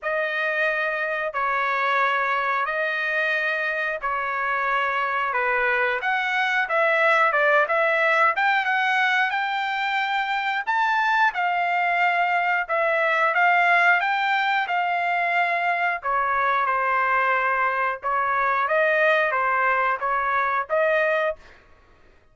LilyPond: \new Staff \with { instrumentName = "trumpet" } { \time 4/4 \tempo 4 = 90 dis''2 cis''2 | dis''2 cis''2 | b'4 fis''4 e''4 d''8 e''8~ | e''8 g''8 fis''4 g''2 |
a''4 f''2 e''4 | f''4 g''4 f''2 | cis''4 c''2 cis''4 | dis''4 c''4 cis''4 dis''4 | }